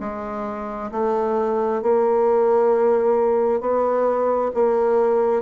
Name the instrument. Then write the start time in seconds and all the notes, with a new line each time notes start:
bassoon
0.00 G#3
0.91 A3
1.82 A#3
3.61 B3
4.55 A#3